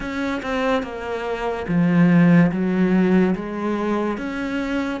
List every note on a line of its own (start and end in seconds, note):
0.00 0.41 C#4
0.42 0.83 C4
0.83 1.66 A#3
1.67 2.51 F3
2.51 3.34 F#3
3.35 4.17 G#3
4.17 5.00 C#4